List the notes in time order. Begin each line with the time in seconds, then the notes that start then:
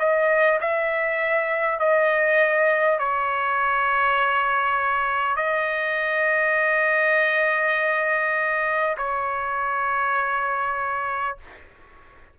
0.00 D#5
0.61 E5
1.80 D#5
2.99 C#5
5.37 D#5
8.98 C#5